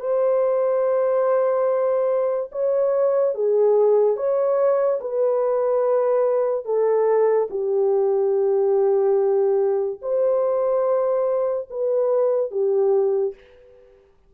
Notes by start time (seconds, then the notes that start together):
0.00 C5
2.52 C#5
3.35 G#4
4.17 C#5
5.01 B4
6.66 A4
7.50 G4
10.02 C5
11.70 B4
12.51 G4